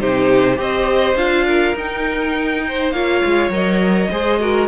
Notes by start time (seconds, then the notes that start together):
0.00 C3 D#4 G4 C5
0.56 C4 G4 C5 D#5
1.15 D4 F4 F5
1.46 A#4
1.75 D#4 G5
2.68 C5
2.91 A#3 F4 C#5 F5
3.25 G#3
3.49 F#3 A#4 D#5
4.10 G#3 G#4 C5
4.40 F#4 A#4